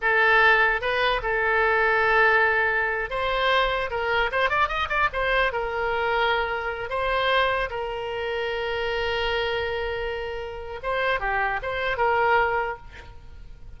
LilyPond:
\new Staff \with { instrumentName = "oboe" } { \time 4/4 \tempo 4 = 150 a'2 b'4 a'4~ | a'2.~ a'8. c''16~ | c''4.~ c''16 ais'4 c''8 d''8 dis''16~ | dis''16 d''8 c''4 ais'2~ ais'16~ |
ais'4~ ais'16 c''2 ais'8.~ | ais'1~ | ais'2. c''4 | g'4 c''4 ais'2 | }